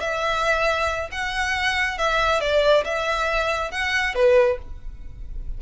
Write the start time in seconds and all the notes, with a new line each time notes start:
0.00 E5
1.11 F#5
1.98 E5
2.40 D5
2.84 E5
3.71 F#5
4.14 B4